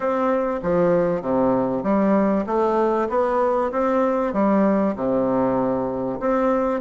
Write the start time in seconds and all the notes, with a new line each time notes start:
0.00 C4
0.62 F3
1.21 C3
1.83 G3
2.46 A3
3.09 B3
3.71 C4
4.33 G3
4.95 C3
6.20 C4